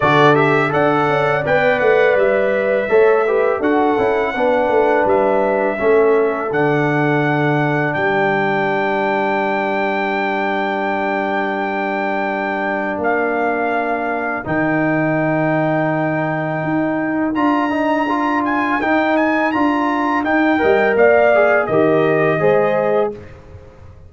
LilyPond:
<<
  \new Staff \with { instrumentName = "trumpet" } { \time 4/4 \tempo 4 = 83 d''8 e''8 fis''4 g''8 fis''8 e''4~ | e''4 fis''2 e''4~ | e''4 fis''2 g''4~ | g''1~ |
g''2 f''2 | g''1 | ais''4. gis''8 g''8 gis''8 ais''4 | g''4 f''4 dis''2 | }
  \new Staff \with { instrumentName = "horn" } { \time 4/4 a'4 d''2. | cis''8 b'8 a'4 b'2 | a'2. ais'4~ | ais'1~ |
ais'1~ | ais'1~ | ais'1~ | ais'8 dis''8 d''4 ais'4 c''4 | }
  \new Staff \with { instrumentName = "trombone" } { \time 4/4 fis'8 g'8 a'4 b'2 | a'8 g'8 fis'8 e'8 d'2 | cis'4 d'2.~ | d'1~ |
d'1 | dis'1 | f'8 dis'8 f'4 dis'4 f'4 | dis'8 ais'4 gis'8 g'4 gis'4 | }
  \new Staff \with { instrumentName = "tuba" } { \time 4/4 d4 d'8 cis'8 b8 a8 g4 | a4 d'8 cis'8 b8 a8 g4 | a4 d2 g4~ | g1~ |
g2 ais2 | dis2. dis'4 | d'2 dis'4 d'4 | dis'8 g8 ais4 dis4 gis4 | }
>>